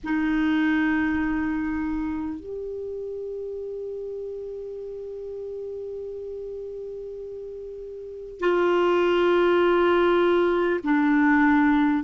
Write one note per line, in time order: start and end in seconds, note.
0.03 2.39 D#4
2.39 8.39 G4
8.39 10.79 F4
10.83 12.03 D4